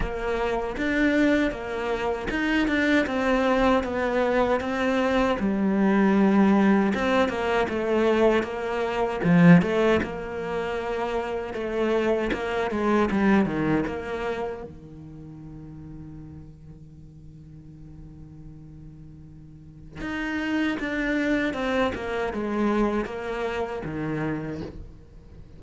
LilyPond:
\new Staff \with { instrumentName = "cello" } { \time 4/4 \tempo 4 = 78 ais4 d'4 ais4 dis'8 d'8 | c'4 b4 c'4 g4~ | g4 c'8 ais8 a4 ais4 | f8 a8 ais2 a4 |
ais8 gis8 g8 dis8 ais4 dis4~ | dis1~ | dis2 dis'4 d'4 | c'8 ais8 gis4 ais4 dis4 | }